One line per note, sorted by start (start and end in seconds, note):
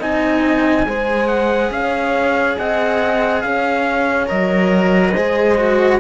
0.00 0.87 C4
0.00 0.87 D#4
0.00 0.86 D#5
0.00 1.28 G#5
0.87 1.71 G#3
0.87 4.27 G#4
0.87 1.73 C5
1.28 1.71 F#5
1.71 2.56 C#4
1.71 2.59 C#5
1.71 2.58 F5
2.59 3.44 C4
2.59 3.44 D#5
2.59 3.42 F#5
3.42 4.30 C#4
3.42 5.14 C#5
3.42 4.27 F5
4.27 5.16 F#3
4.27 5.13 A#4
4.27 6.00 D#5
5.14 6.00 G#3
5.14 5.58 G#4
5.14 5.99 C5
5.58 6.00 F#4